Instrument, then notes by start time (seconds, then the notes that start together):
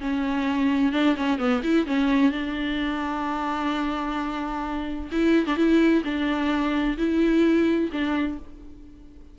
viola
0.00 C#4
0.92 D4
1.16 C#4
1.38 B3
1.63 E4
1.87 C#4
2.32 D4
5.11 E4
5.46 D4
5.56 E4
6.04 D4
6.97 E4
7.92 D4